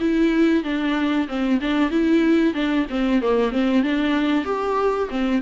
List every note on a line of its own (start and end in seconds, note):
0.00 0.64 E4
0.64 1.28 D4
1.28 1.60 C4
1.61 1.90 D4
1.90 2.54 E4
2.54 2.86 D4
2.90 3.21 C4
3.21 3.52 A#3
3.52 3.83 C4
3.83 4.45 D4
4.45 5.09 G4
5.10 5.42 C4